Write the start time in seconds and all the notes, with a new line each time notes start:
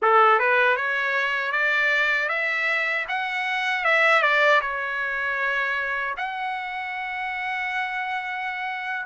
0.02 A4
0.38 B4
0.76 C#5
1.52 D5
2.28 E5
3.08 F#5
3.84 E5
4.22 D5
4.61 C#5
6.17 F#5